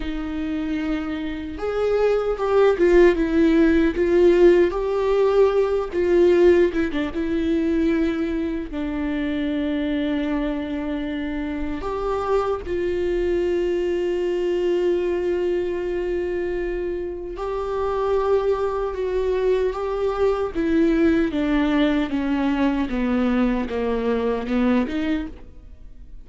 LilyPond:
\new Staff \with { instrumentName = "viola" } { \time 4/4 \tempo 4 = 76 dis'2 gis'4 g'8 f'8 | e'4 f'4 g'4. f'8~ | f'8 e'16 d'16 e'2 d'4~ | d'2. g'4 |
f'1~ | f'2 g'2 | fis'4 g'4 e'4 d'4 | cis'4 b4 ais4 b8 dis'8 | }